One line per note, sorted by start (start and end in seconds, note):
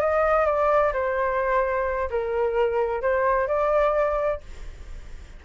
0.00 0.46 D#5
0.46 0.92 D5
0.93 2.09 C5
2.10 3.02 A#4
3.02 3.47 C5
3.47 4.40 D5